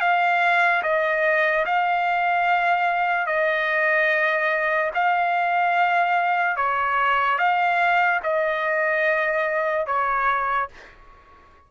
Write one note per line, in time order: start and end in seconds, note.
0.00 0.82 F5
0.83 1.65 D#5
1.66 3.27 F5
3.27 4.91 D#5
4.94 6.56 F5
6.56 7.38 C#5
7.38 8.20 F5
8.23 9.86 D#5
9.86 10.68 C#5